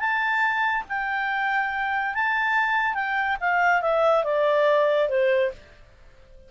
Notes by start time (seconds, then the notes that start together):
0.00 A5
0.89 G5
2.15 A5
2.95 G5
3.41 F5
3.82 E5
4.24 D5
5.09 C5